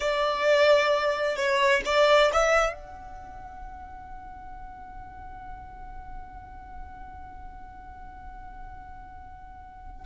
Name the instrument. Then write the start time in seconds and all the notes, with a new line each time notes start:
violin
0.00 D5
1.36 C#5
1.85 D5
2.32 E5
2.73 F#5